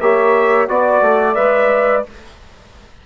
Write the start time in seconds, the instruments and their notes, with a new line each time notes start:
0.00 bassoon A#3, trombone G4, saxophone C#5, trumpet E5
0.68 bassoon B3, trombone F#4, trumpet D5, saxophone D5
1.01 bassoon A3
1.35 bassoon G#3, trombone B4, trumpet E5